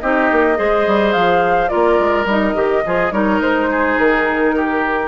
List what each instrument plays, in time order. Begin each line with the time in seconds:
0.00 bassoon C4, clarinet D#4, oboe G4, flute D#5
0.32 bassoon A#3
0.55 bassoon G#3, clarinet G#4, oboe C5
0.86 bassoon G3
1.12 bassoon F3, flute F5
1.67 clarinet F4, oboe A#4, flute D5
1.74 bassoon A#3
1.99 bassoon G#3
2.25 bassoon G3, clarinet D#4, flute D#5
2.54 bassoon D#3, clarinet G4
2.86 bassoon F3, clarinet F4, oboe G#4
3.11 bassoon G3, clarinet D#4, oboe A#4, flute C#5
3.40 bassoon G#3, flute C5
3.70 oboe G#4
3.98 bassoon D#3, flute A#4
4.55 oboe G4